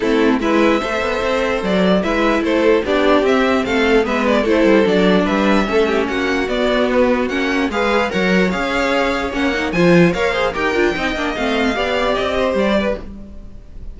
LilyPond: <<
  \new Staff \with { instrumentName = "violin" } { \time 4/4 \tempo 4 = 148 a'4 e''2. | d''4 e''4 c''4 d''4 | e''4 f''4 e''8 d''8 c''4 | d''4 e''2 fis''4 |
d''4 b'4 fis''4 f''4 | fis''4 f''2 fis''4 | gis''4 f''4 g''2 | f''2 dis''4 d''4 | }
  \new Staff \with { instrumentName = "violin" } { \time 4/4 e'4 b'4 c''2~ | c''4 b'4 a'4 g'4~ | g'4 a'4 b'4 a'4~ | a'4 b'4 a'8 g'8 fis'4~ |
fis'2. b'4 | cis''1 | c''4 cis''8 c''8 ais'4 dis''4~ | dis''4 d''4. c''4 b'8 | }
  \new Staff \with { instrumentName = "viola" } { \time 4/4 c'4 e'4 a'2~ | a'4 e'2 d'4 | c'2 b4 e'4 | d'2 cis'2 |
b2 cis'4 gis'4 | ais'4 gis'2 cis'8 dis'8 | f'4 ais'8 gis'8 g'8 f'8 dis'8 d'8 | c'4 g'2. | }
  \new Staff \with { instrumentName = "cello" } { \time 4/4 a4 gis4 a8 b8 c'4 | fis4 gis4 a4 b4 | c'4 a4 gis4 a8 g8 | fis4 g4 a4 ais4 |
b2 ais4 gis4 | fis4 cis'2 ais4 | f4 ais4 dis'8 d'8 c'8 ais8 | a4 b4 c'4 g4 | }
>>